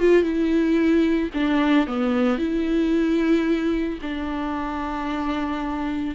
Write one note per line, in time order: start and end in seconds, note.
0.00 0.23 F4
0.23 1.30 E4
1.34 1.87 D4
1.87 2.38 B3
2.38 3.99 E4
4.02 6.15 D4